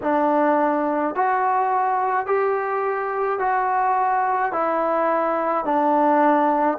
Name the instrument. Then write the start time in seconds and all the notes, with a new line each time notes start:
trombone
0.02 D4
1.15 F#4
2.26 G4
3.39 F#4
4.52 E4
5.64 D4